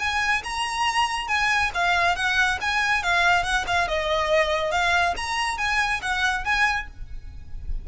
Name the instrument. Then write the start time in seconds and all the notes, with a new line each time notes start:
violin
0.00 G#5
0.44 A#5
1.28 G#5
1.75 F5
2.16 F#5
2.61 G#5
3.03 F5
3.44 F#5
3.68 F5
3.88 D#5
4.72 F5
5.17 A#5
5.58 G#5
6.02 F#5
6.45 G#5